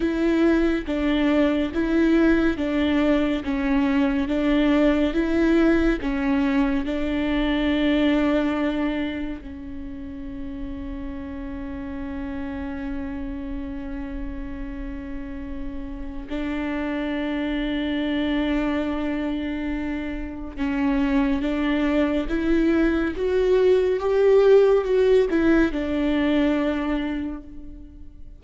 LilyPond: \new Staff \with { instrumentName = "viola" } { \time 4/4 \tempo 4 = 70 e'4 d'4 e'4 d'4 | cis'4 d'4 e'4 cis'4 | d'2. cis'4~ | cis'1~ |
cis'2. d'4~ | d'1 | cis'4 d'4 e'4 fis'4 | g'4 fis'8 e'8 d'2 | }